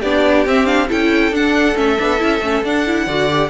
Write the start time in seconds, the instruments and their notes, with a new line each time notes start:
0.00 cello B3, viola D4, violin G4 D5
0.47 cello C4, viola C4, violin E5
0.66 viola D4, violin F5
0.89 cello C#4, viola E4, violin A4 G5
1.32 cello D4, viola D4, violin F#5
1.76 cello A3, viola C#4, violin E5
1.99 cello B3, viola D4
2.18 cello C#4, viola E4
2.41 cello A3, viola C#4
2.63 cello D4, viola D4, violin F#5
2.86 viola E4
3.07 cello D3, viola F#4, violin D5
3.29 viola G4